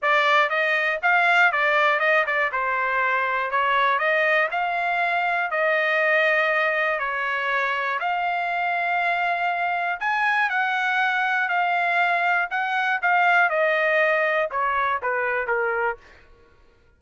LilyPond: \new Staff \with { instrumentName = "trumpet" } { \time 4/4 \tempo 4 = 120 d''4 dis''4 f''4 d''4 | dis''8 d''8 c''2 cis''4 | dis''4 f''2 dis''4~ | dis''2 cis''2 |
f''1 | gis''4 fis''2 f''4~ | f''4 fis''4 f''4 dis''4~ | dis''4 cis''4 b'4 ais'4 | }